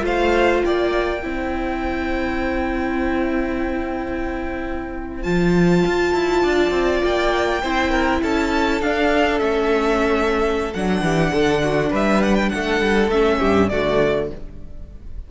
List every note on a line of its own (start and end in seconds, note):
0.00 0.63 A3
0.00 1.19 F4
0.00 0.64 C5
0.00 0.63 F5
0.63 1.25 A#3
0.63 1.24 D5
0.63 5.22 G5
1.22 5.25 C4
1.22 5.23 E4
1.22 6.43 C5
5.22 5.84 F3
5.22 7.60 F4
5.22 7.01 A5
5.85 6.13 F4
6.13 6.43 E4
6.43 6.70 D4
6.43 7.62 D5
6.70 7.00 C4
7.03 7.62 A#3
7.03 8.22 G5
7.62 8.22 C4
7.62 8.82 E4
7.62 7.90 C5
7.90 8.20 A#4
8.22 8.81 C#4
8.22 11.03 A4
8.22 8.81 A5
8.81 9.40 D4
8.81 9.38 D4
8.81 9.39 F5
9.38 10.74 A3
9.38 10.72 C#4
9.38 10.73 E5
10.73 11.01 F#3
10.73 13.12 D4
10.73 11.92 F#5
11.01 11.31 E3
11.01 11.32 G4
11.32 11.91 D3
11.32 11.62 A4
11.63 11.90 F#4
11.90 12.51 G3
11.90 12.49 B4
11.90 12.22 E5
12.22 12.35 F#5
12.35 12.49 G5
12.49 12.80 A3
12.49 13.39 A4
12.49 13.09 F#5
12.80 13.08 G3
13.08 13.37 A3
13.08 13.71 C#4
13.08 13.68 E5
13.39 13.71 G2
13.39 13.69 G4
13.68 14.31 D3
13.68 14.30 A3
13.68 14.30 F#4
13.68 14.28 D5